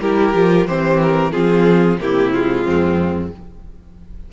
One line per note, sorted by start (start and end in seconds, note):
0.00 0.33 G3
0.00 0.35 E4
0.00 0.67 G4
0.00 0.67 A#4
0.33 0.66 F3
0.33 0.67 F4
0.66 1.32 E3
0.66 1.32 C4
0.66 1.31 G4
0.66 1.00 C5
1.01 1.32 A#4
1.31 1.98 F3
1.31 1.97 C4
1.31 1.98 F4
1.31 1.98 G#4
1.98 2.64 C3
1.98 2.33 A#3
1.98 2.65 E4
1.98 2.33 G4
2.33 3.32 G#3
2.33 3.32 F4
2.65 3.31 F2
2.65 3.30 C4